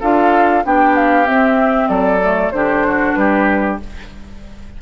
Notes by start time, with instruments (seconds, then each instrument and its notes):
0.00 bassoon D4, clarinet F4, oboe A4, flute F5
0.64 bassoon B3, clarinet D4, oboe G4, flute G5
0.96 flute F5
1.25 clarinet C4, bassoon C4, flute E5
1.88 bassoon F#3, oboe A4, flute D5
2.21 clarinet A3
2.51 bassoon D3, clarinet D4, oboe G4, flute C5
2.87 oboe F#4
3.14 bassoon G3, oboe G4, flute B4